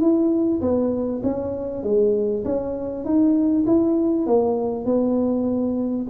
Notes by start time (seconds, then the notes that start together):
0.00 E4
0.61 B3
1.23 C#4
1.83 G#3
2.45 C#4
3.04 D#4
3.66 E4
4.26 A#3
4.85 B3